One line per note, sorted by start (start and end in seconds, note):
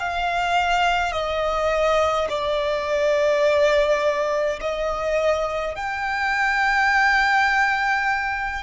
0.00 1.12 F5
1.12 2.28 D#5
2.29 4.60 D5
4.61 5.75 D#5
5.75 8.63 G5